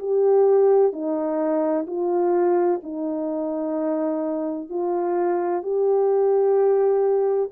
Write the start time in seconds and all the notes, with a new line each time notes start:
0.00 G4
0.93 D#4
1.87 F4
2.83 D#4
4.70 F4
5.63 G4